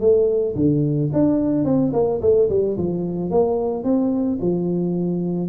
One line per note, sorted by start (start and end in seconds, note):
0.00 0.55 A3
0.55 1.10 D3
1.13 1.65 D4
1.65 1.92 C4
1.93 2.20 A#3
2.21 2.49 A3
2.49 2.77 G3
2.77 3.30 F3
3.30 3.84 A#3
3.84 4.39 C4
4.41 5.49 F3